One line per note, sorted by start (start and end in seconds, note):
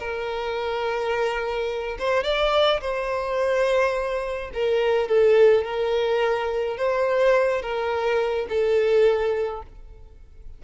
0.00 1.98 A#4
1.99 2.24 C5
2.24 2.81 D5
2.81 4.51 C5
4.54 5.09 A#4
5.09 5.65 A4
5.65 6.78 A#4
6.78 7.63 C5
7.63 8.48 A#4
8.50 9.63 A4